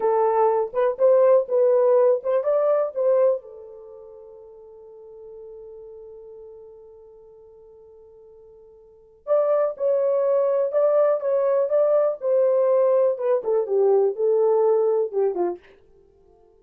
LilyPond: \new Staff \with { instrumentName = "horn" } { \time 4/4 \tempo 4 = 123 a'4. b'8 c''4 b'4~ | b'8 c''8 d''4 c''4 a'4~ | a'1~ | a'1~ |
a'2. d''4 | cis''2 d''4 cis''4 | d''4 c''2 b'8 a'8 | g'4 a'2 g'8 f'8 | }